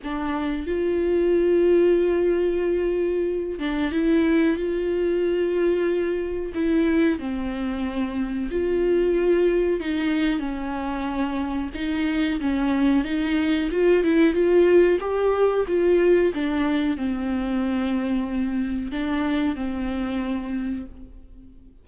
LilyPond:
\new Staff \with { instrumentName = "viola" } { \time 4/4 \tempo 4 = 92 d'4 f'2.~ | f'4. d'8 e'4 f'4~ | f'2 e'4 c'4~ | c'4 f'2 dis'4 |
cis'2 dis'4 cis'4 | dis'4 f'8 e'8 f'4 g'4 | f'4 d'4 c'2~ | c'4 d'4 c'2 | }